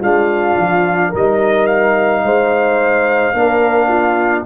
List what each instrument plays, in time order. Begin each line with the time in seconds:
0.00 tuba G#3, trombone D4, horn F4, trumpet F5
0.58 tuba F3
1.09 tuba G3, trombone D#4, horn A#4
1.15 trumpet D#5
1.66 trumpet F5
2.24 tuba G#3, horn C5
3.33 tuba A#3, trombone D4, horn A#4
3.88 horn F4